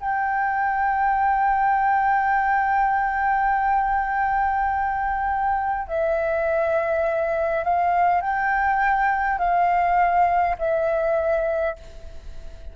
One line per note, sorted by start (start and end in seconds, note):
0.00 5.87 G5
5.87 7.64 E5
7.64 8.21 F5
8.21 9.39 G5
9.39 10.56 F5
10.58 11.76 E5